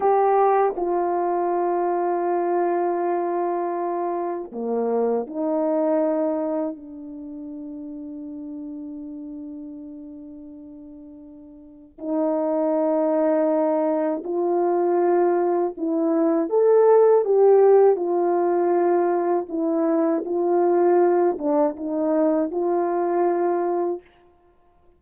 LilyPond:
\new Staff \with { instrumentName = "horn" } { \time 4/4 \tempo 4 = 80 g'4 f'2.~ | f'2 ais4 dis'4~ | dis'4 d'2.~ | d'1 |
dis'2. f'4~ | f'4 e'4 a'4 g'4 | f'2 e'4 f'4~ | f'8 d'8 dis'4 f'2 | }